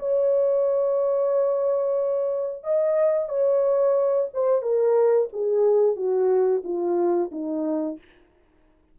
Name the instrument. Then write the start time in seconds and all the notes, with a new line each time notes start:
horn
0.00 C#5
2.64 D#5
3.29 C#5
4.34 C5
4.62 A#4
5.33 G#4
5.96 F#4
6.65 F4
7.32 D#4